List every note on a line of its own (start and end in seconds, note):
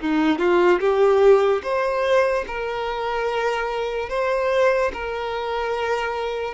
0.00 0.38 D#4
0.38 0.79 F4
0.80 1.62 G4
1.63 2.45 C5
2.47 4.09 A#4
4.09 4.91 C5
4.93 6.54 A#4